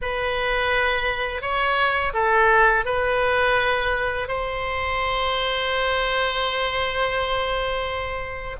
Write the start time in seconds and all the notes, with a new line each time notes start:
0.01 B4
1.41 C#5
2.13 A4
2.85 B4
4.28 C5